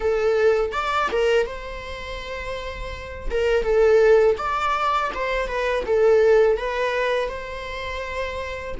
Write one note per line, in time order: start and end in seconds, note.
0.00 0.72 A4
0.72 1.08 D5
1.11 1.46 A#4
1.46 3.29 C5
3.30 3.63 A#4
3.63 4.36 A4
4.37 5.10 D5
5.14 5.47 C5
5.47 5.84 B4
5.86 6.57 A4
6.57 7.28 B4
7.28 8.74 C5